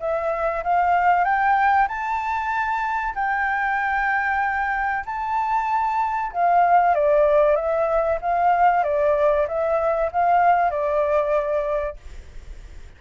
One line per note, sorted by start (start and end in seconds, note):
0.00 0.63 E5
0.63 1.25 F5
1.25 1.88 G5
1.88 3.14 A5
3.15 5.04 G5
5.06 6.32 A5
6.32 6.95 F5
6.95 7.56 D5
7.56 8.19 E5
8.21 8.84 F5
8.84 9.47 D5
9.48 10.11 E5
10.12 10.70 F5
10.70 11.97 D5